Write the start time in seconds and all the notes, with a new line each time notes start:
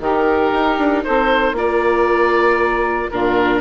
0.00 D#3 D#4 G4 A#4
0.52 D#4
0.78 D4
1.04 C4 A4 C5
1.53 A#3 F4 A#4 D5
3.11 A#2 D4 F4 A#4